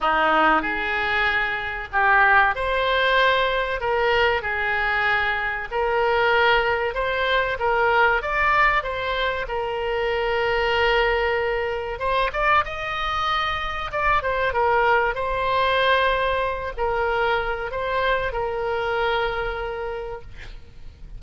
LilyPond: \new Staff \with { instrumentName = "oboe" } { \time 4/4 \tempo 4 = 95 dis'4 gis'2 g'4 | c''2 ais'4 gis'4~ | gis'4 ais'2 c''4 | ais'4 d''4 c''4 ais'4~ |
ais'2. c''8 d''8 | dis''2 d''8 c''8 ais'4 | c''2~ c''8 ais'4. | c''4 ais'2. | }